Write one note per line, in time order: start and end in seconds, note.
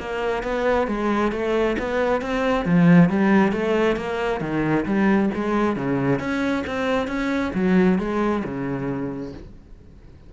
0.00 0.43 A#3
0.43 0.87 B3
0.87 1.32 G#3
1.32 1.77 A3
1.79 2.21 B3
2.21 2.66 C4
2.66 3.09 F3
3.09 3.52 G3
3.52 3.96 A3
3.96 4.41 A#3
4.41 4.85 D#3
4.85 5.30 G3
5.34 5.76 G#3
5.76 6.19 C#3
6.19 6.64 C#4
6.67 7.08 C4
7.08 7.52 C#4
7.54 7.99 F#3
7.99 8.43 G#3
8.44 9.33 C#3